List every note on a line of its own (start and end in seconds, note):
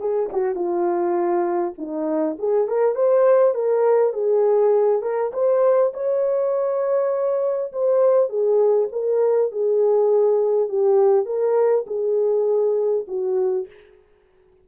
0.00 0.30 G#4
0.32 0.55 F#4
0.55 1.74 F4
1.78 2.37 D#4
2.38 2.68 G#4
2.68 2.95 A#4
2.95 3.54 C5
3.54 4.13 A#4
4.13 5.02 G#4
5.02 5.32 A#4
5.33 5.92 C5
5.94 7.72 C#5
7.72 8.29 C5
8.29 8.88 G#4
8.92 9.51 A#4
9.51 10.68 G#4
10.68 11.25 G4
11.25 11.85 A#4
11.87 13.06 G#4
13.07 13.67 F#4